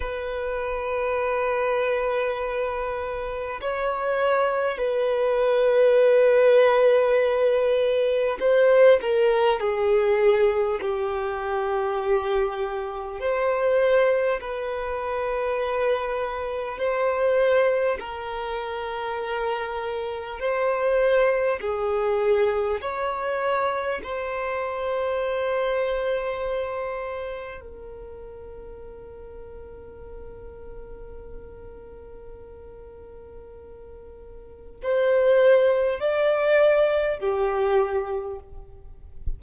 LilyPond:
\new Staff \with { instrumentName = "violin" } { \time 4/4 \tempo 4 = 50 b'2. cis''4 | b'2. c''8 ais'8 | gis'4 g'2 c''4 | b'2 c''4 ais'4~ |
ais'4 c''4 gis'4 cis''4 | c''2. ais'4~ | ais'1~ | ais'4 c''4 d''4 g'4 | }